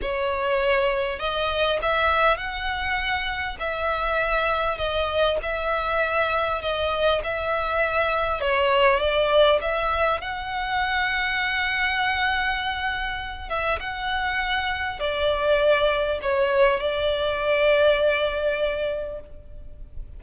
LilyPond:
\new Staff \with { instrumentName = "violin" } { \time 4/4 \tempo 4 = 100 cis''2 dis''4 e''4 | fis''2 e''2 | dis''4 e''2 dis''4 | e''2 cis''4 d''4 |
e''4 fis''2.~ | fis''2~ fis''8 e''8 fis''4~ | fis''4 d''2 cis''4 | d''1 | }